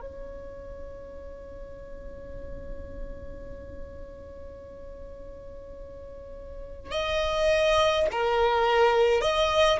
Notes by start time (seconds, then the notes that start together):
0.00 C#5
6.91 D#5
8.11 A#4
9.21 D#5